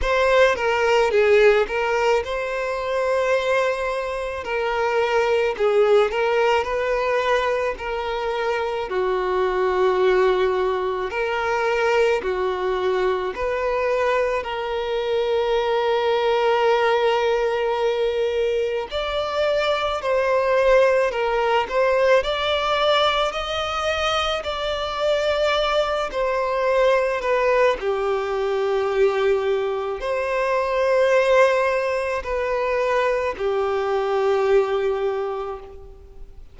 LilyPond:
\new Staff \with { instrumentName = "violin" } { \time 4/4 \tempo 4 = 54 c''8 ais'8 gis'8 ais'8 c''2 | ais'4 gis'8 ais'8 b'4 ais'4 | fis'2 ais'4 fis'4 | b'4 ais'2.~ |
ais'4 d''4 c''4 ais'8 c''8 | d''4 dis''4 d''4. c''8~ | c''8 b'8 g'2 c''4~ | c''4 b'4 g'2 | }